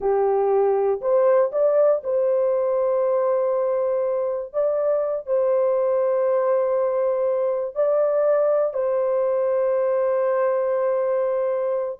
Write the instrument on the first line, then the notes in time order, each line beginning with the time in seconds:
horn
0.00 G4
1.01 C5
1.51 D5
2.03 C5
4.53 D5
5.26 C5
7.75 D5
8.73 C5